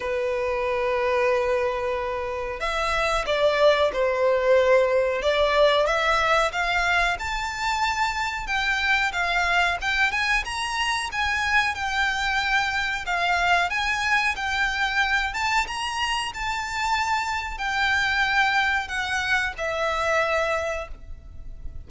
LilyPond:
\new Staff \with { instrumentName = "violin" } { \time 4/4 \tempo 4 = 92 b'1 | e''4 d''4 c''2 | d''4 e''4 f''4 a''4~ | a''4 g''4 f''4 g''8 gis''8 |
ais''4 gis''4 g''2 | f''4 gis''4 g''4. a''8 | ais''4 a''2 g''4~ | g''4 fis''4 e''2 | }